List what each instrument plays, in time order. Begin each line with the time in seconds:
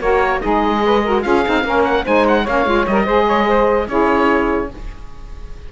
0.00 cello A#3, saxophone F#4 A#4, oboe C#5
0.41 cello G#3, saxophone D#4 G#4, oboe D#5
0.85 saxophone B4
1.03 saxophone F#4 A#4
1.22 cello C#4, saxophone F4 G#4, oboe F5
1.45 cello C4, saxophone D#4
1.64 cello A#3, saxophone C#4 A#4
1.84 oboe F#5
2.04 cello G#3, saxophone D#4 C5, oboe G#5
2.27 oboe F#5
2.42 cello A#3, saxophone C#4 C#5, oboe F5
2.65 cello G#3, saxophone F4
2.86 cello G3, saxophone A#4, oboe D#5
3.05 cello G#3, saxophone G#4 C5
3.26 saxophone C#5
3.47 saxophone C5
3.87 cello C#4, saxophone E4 G#4, oboe C#5